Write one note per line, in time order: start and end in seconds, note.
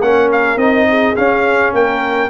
0.00 0.56 A#3
0.00 0.58 C#4
0.00 0.89 A#4
0.00 0.31 F#5
0.32 0.58 F5
0.56 1.14 C4
0.56 1.16 D#4
0.56 1.16 D#5
0.89 1.75 G#4
1.16 2.30 C#4
1.16 1.73 C#4
1.16 1.74 F5
1.73 2.30 A#3
1.73 2.30 A#4
1.73 2.30 G5